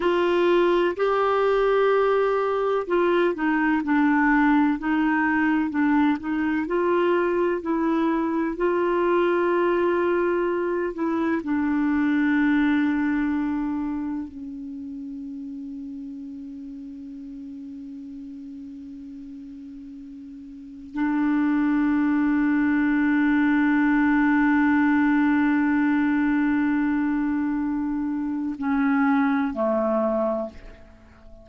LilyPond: \new Staff \with { instrumentName = "clarinet" } { \time 4/4 \tempo 4 = 63 f'4 g'2 f'8 dis'8 | d'4 dis'4 d'8 dis'8 f'4 | e'4 f'2~ f'8 e'8 | d'2. cis'4~ |
cis'1~ | cis'2 d'2~ | d'1~ | d'2 cis'4 a4 | }